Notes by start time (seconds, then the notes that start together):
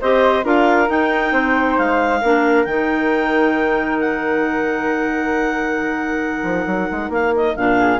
0.00 C4 G4 C5 D#5
0.43 D4 F4 A#4 F5
0.87 D#4 G5
1.32 C4 C5
1.78 G#3 F5
2.19 A#3 D4 A#4
2.64 D#3 D#4 G5
4.00 F#5
6.42 F3
6.66 F#3
6.91 G#3
7.09 A#3 F5
7.35 D#5
7.56 A#2 D4 F5
7.79 G#4